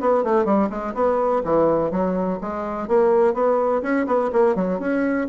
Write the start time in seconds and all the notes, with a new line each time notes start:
0.00 B3
0.24 A3
0.45 G3
0.69 G#3
0.94 B3
1.44 E3
1.91 F#3
2.41 G#3
2.88 A#3
3.33 B3
3.82 C#4
4.06 B3
4.32 A#3
4.55 F#3
4.79 C#4